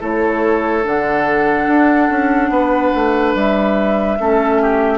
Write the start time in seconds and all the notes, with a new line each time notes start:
0.00 A3 E4 A4 C#5
0.83 D3 D4 F#5
1.67 D4
2.10 C#4
2.49 B3 B4
2.95 A3
3.35 G3 E5
4.19 A3 C#4 A4
4.62 G4